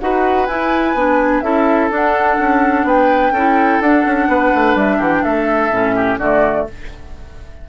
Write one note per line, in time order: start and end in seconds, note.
0.00 0.48 D#4
0.00 0.49 F#4
0.00 1.44 B4
0.00 0.47 F#5
0.47 0.95 E4
0.47 0.97 E4
0.47 1.41 G#5
0.95 1.42 B3
0.95 1.43 D4
1.41 1.90 C#4
1.41 1.91 E4
1.41 2.87 A4
1.41 1.89 E5
1.91 2.38 D4
1.91 3.34 D4
1.91 2.88 F#5
2.40 2.84 C#4
2.84 3.32 B3
2.84 3.33 B4
2.84 3.82 G5
3.32 3.79 C#4
3.32 3.85 E4
3.32 4.28 A4
3.81 4.05 D4
3.81 5.73 D4
3.81 4.77 F#5
4.06 4.28 C#4
4.28 4.52 B3
4.28 4.98 B4
4.55 4.75 A3
4.75 4.99 G3
4.75 5.02 E5
4.98 5.23 E3
4.98 5.21 G4
4.98 5.14 F#5
5.14 5.23 G5
5.23 5.71 A3
5.23 5.96 A4
5.23 6.19 E5
5.71 6.19 A2
5.71 6.20 C#4
5.96 6.19 G4
6.19 6.66 D3
6.19 6.69 A3
6.19 6.67 F#4
6.19 6.67 D5